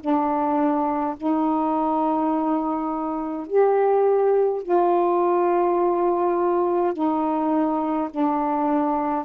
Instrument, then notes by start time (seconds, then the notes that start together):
saxophone
0.00 D4
1.16 D#4
3.47 G4
4.62 F4
6.93 D#4
8.10 D4